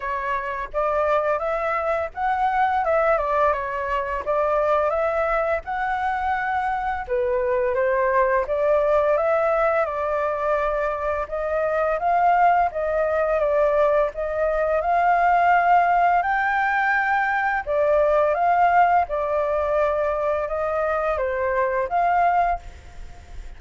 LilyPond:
\new Staff \with { instrumentName = "flute" } { \time 4/4 \tempo 4 = 85 cis''4 d''4 e''4 fis''4 | e''8 d''8 cis''4 d''4 e''4 | fis''2 b'4 c''4 | d''4 e''4 d''2 |
dis''4 f''4 dis''4 d''4 | dis''4 f''2 g''4~ | g''4 d''4 f''4 d''4~ | d''4 dis''4 c''4 f''4 | }